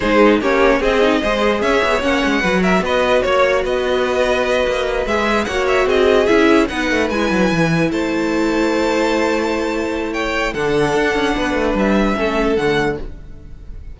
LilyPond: <<
  \new Staff \with { instrumentName = "violin" } { \time 4/4 \tempo 4 = 148 c''4 cis''4 dis''2 | e''4 fis''4. e''8 dis''4 | cis''4 dis''2.~ | dis''8 e''4 fis''8 e''8 dis''4 e''8~ |
e''8 fis''4 gis''2 a''8~ | a''1~ | a''4 g''4 fis''2~ | fis''4 e''2 fis''4 | }
  \new Staff \with { instrumentName = "violin" } { \time 4/4 gis'4 g'4 gis'4 c''4 | cis''2 b'8 ais'8 b'4 | cis''4 b'2.~ | b'4. cis''4 gis'4.~ |
gis'8 b'2. c''8~ | c''1~ | c''4 cis''4 a'2 | b'2 a'2 | }
  \new Staff \with { instrumentName = "viola" } { \time 4/4 dis'4 cis'4 c'8 dis'8 gis'4~ | gis'4 cis'4 fis'2~ | fis'1~ | fis'8 gis'4 fis'2 e'8~ |
e'8 dis'4 e'2~ e'8~ | e'1~ | e'2 d'2~ | d'2 cis'4 a4 | }
  \new Staff \with { instrumentName = "cello" } { \time 4/4 gis4 ais4 c'4 gis4 | cis'8 b8 ais8 gis8 fis4 b4 | ais4 b2~ b8 ais8~ | ais8 gis4 ais4 c'4 cis'8~ |
cis'8 b8 a8 gis8 fis8 e4 a8~ | a1~ | a2 d4 d'8 cis'8 | b8 a8 g4 a4 d4 | }
>>